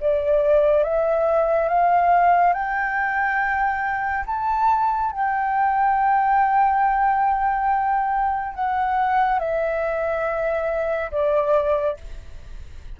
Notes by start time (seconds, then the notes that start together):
0.00 D5
0.83 E5
1.68 F5
2.53 G5
4.26 A5
5.12 G5
8.54 F#5
9.39 E5
11.11 D5